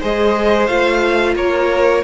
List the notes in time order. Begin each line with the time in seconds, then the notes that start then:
0.00 G#3 G#4 C5 D#5
0.67 A3 F4 F5
1.36 A#3 A#4 C#5